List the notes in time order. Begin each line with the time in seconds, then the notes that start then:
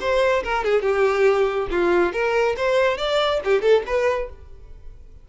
0.00 C5
0.43 A#4
0.64 G#4
0.82 G4
1.70 F4
2.13 A#4
2.57 C5
2.97 D5
3.44 G4
3.61 A4
3.86 B4